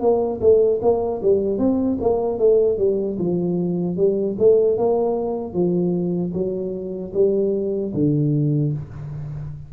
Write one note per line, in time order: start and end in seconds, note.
0.00 0.39 A#3
0.40 0.80 A3
0.81 1.21 A#3
1.22 1.58 G3
1.58 1.97 C4
2.00 2.38 A#3
2.38 2.77 A3
2.77 3.17 G3
3.18 3.96 F3
3.96 4.36 G3
4.38 4.77 A3
4.77 5.53 A#3
5.53 6.32 F3
6.33 7.12 F#3
7.13 7.92 G3
7.93 8.72 D3